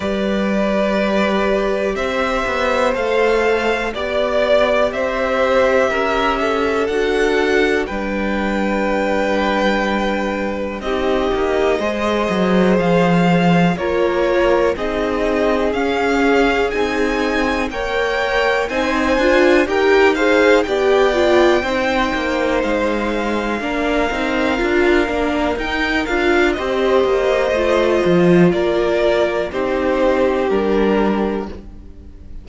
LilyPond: <<
  \new Staff \with { instrumentName = "violin" } { \time 4/4 \tempo 4 = 61 d''2 e''4 f''4 | d''4 e''2 fis''4 | g''2. dis''4~ | dis''4 f''4 cis''4 dis''4 |
f''4 gis''4 g''4 gis''4 | g''8 f''8 g''2 f''4~ | f''2 g''8 f''8 dis''4~ | dis''4 d''4 c''4 ais'4 | }
  \new Staff \with { instrumentName = "violin" } { \time 4/4 b'2 c''2 | d''4 c''4 ais'8 a'4. | b'2. g'4 | c''2 ais'4 gis'4~ |
gis'2 cis''4 c''4 | ais'8 c''8 d''4 c''2 | ais'2. c''4~ | c''4 ais'4 g'2 | }
  \new Staff \with { instrumentName = "viola" } { \time 4/4 g'2. a'4 | g'2. fis'4 | d'2. dis'4 | gis'2 f'4 dis'4 |
cis'4 dis'4 ais'4 dis'8 f'8 | g'8 gis'8 g'8 f'8 dis'2 | d'8 dis'8 f'8 d'8 dis'8 f'8 g'4 | f'2 dis'4 d'4 | }
  \new Staff \with { instrumentName = "cello" } { \time 4/4 g2 c'8 b8 a4 | b4 c'4 cis'4 d'4 | g2. c'8 ais8 | gis8 fis8 f4 ais4 c'4 |
cis'4 c'4 ais4 c'8 d'8 | dis'4 b4 c'8 ais8 gis4 | ais8 c'8 d'8 ais8 dis'8 d'8 c'8 ais8 | a8 f8 ais4 c'4 g4 | }
>>